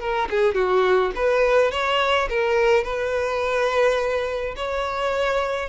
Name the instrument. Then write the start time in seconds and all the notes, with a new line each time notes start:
violin
0.00 A#4
0.30 G#4
0.55 F#4
1.16 B4
1.71 C#5
2.29 A#4
2.84 B4
4.56 C#5